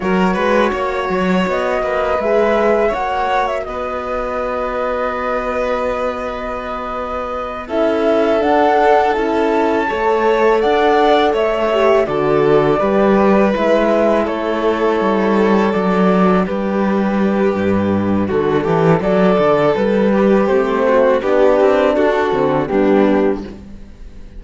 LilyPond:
<<
  \new Staff \with { instrumentName = "flute" } { \time 4/4 \tempo 4 = 82 cis''2 dis''4 e''4 | fis''8. e''16 dis''2.~ | dis''2~ dis''8 e''4 fis''8~ | fis''8 a''2 fis''4 e''8~ |
e''8 d''2 e''4 cis''8~ | cis''4. d''4 b'4.~ | b'4 a'4 d''4 b'4 | c''4 b'4 a'4 g'4 | }
  \new Staff \with { instrumentName = "violin" } { \time 4/4 ais'8 b'8 cis''4. b'4. | cis''4 b'2.~ | b'2~ b'8 a'4.~ | a'4. cis''4 d''4 cis''8~ |
cis''8 a'4 b'2 a'8~ | a'2~ a'8 g'4.~ | g'4 fis'8 g'8 a'4. g'8~ | g'8 fis'8 g'4 fis'4 d'4 | }
  \new Staff \with { instrumentName = "horn" } { \time 4/4 fis'2. gis'4 | fis'1~ | fis'2~ fis'8 e'4 d'8~ | d'8 e'4 a'2~ a'8 |
g'8 fis'4 g'4 e'4.~ | e'4. d'2~ d'8~ | d'1 | c'4 d'4. c'8 b4 | }
  \new Staff \with { instrumentName = "cello" } { \time 4/4 fis8 gis8 ais8 fis8 b8 ais8 gis4 | ais4 b2.~ | b2~ b8 cis'4 d'8~ | d'8 cis'4 a4 d'4 a8~ |
a8 d4 g4 gis4 a8~ | a8 g4 fis4 g4. | g,4 d8 e8 fis8 d8 g4 | a4 b8 c'8 d'8 d8 g4 | }
>>